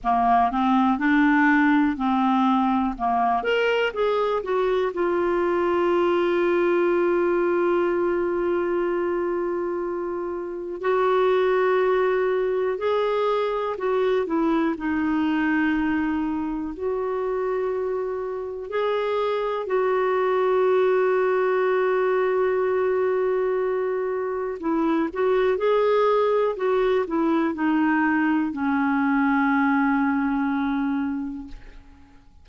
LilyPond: \new Staff \with { instrumentName = "clarinet" } { \time 4/4 \tempo 4 = 61 ais8 c'8 d'4 c'4 ais8 ais'8 | gis'8 fis'8 f'2.~ | f'2. fis'4~ | fis'4 gis'4 fis'8 e'8 dis'4~ |
dis'4 fis'2 gis'4 | fis'1~ | fis'4 e'8 fis'8 gis'4 fis'8 e'8 | dis'4 cis'2. | }